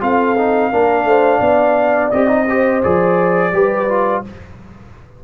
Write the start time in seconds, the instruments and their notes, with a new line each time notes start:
0.00 tuba C4, trombone F4, horn A4, trumpet F5
0.38 trombone D#4
0.71 tuba A#3, trombone D4, horn A#4
1.04 tuba A3, horn C5
1.39 tuba B3, horn D5
2.11 tuba C4, trombone G4, trumpet D#5
2.28 trombone D#4
2.47 trombone G4, horn C5
2.83 tuba F3, trombone G#4, trumpet D5
3.52 tuba G3, trombone G4, horn B4
3.89 trombone F4